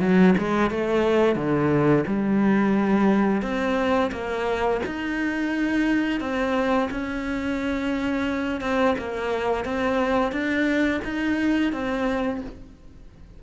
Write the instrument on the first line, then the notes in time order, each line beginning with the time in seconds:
cello
0.00 F#3
0.38 G#3
0.71 A3
1.36 D3
2.07 G3
3.42 C4
4.12 A#3
4.86 D#4
6.20 C4
6.91 C#4
8.61 C4
8.98 A#3
9.65 C4
10.32 D4
11.04 D#4
11.72 C4